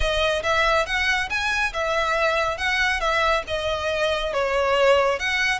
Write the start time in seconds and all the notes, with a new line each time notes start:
0.00 D#5
0.42 E5
0.86 F#5
1.29 G#5
1.73 E5
2.57 F#5
3.00 E5
3.47 D#5
4.33 C#5
5.19 F#5